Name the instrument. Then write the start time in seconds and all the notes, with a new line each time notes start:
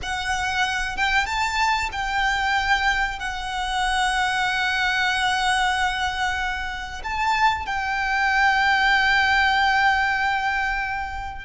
violin
0.02 F#5
0.96 G5
1.26 A5
1.91 G5
3.19 F#5
7.03 A5
7.65 G5